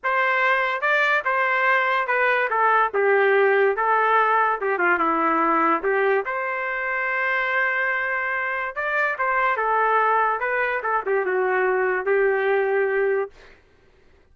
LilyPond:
\new Staff \with { instrumentName = "trumpet" } { \time 4/4 \tempo 4 = 144 c''2 d''4 c''4~ | c''4 b'4 a'4 g'4~ | g'4 a'2 g'8 f'8 | e'2 g'4 c''4~ |
c''1~ | c''4 d''4 c''4 a'4~ | a'4 b'4 a'8 g'8 fis'4~ | fis'4 g'2. | }